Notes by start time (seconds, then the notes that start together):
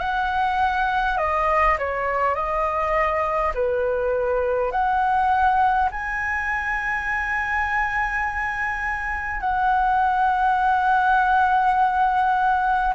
0.00 F#5
1.18 D#5
1.78 C#5
2.35 D#5
3.55 B4
4.72 F#5
5.91 G#5
9.41 F#5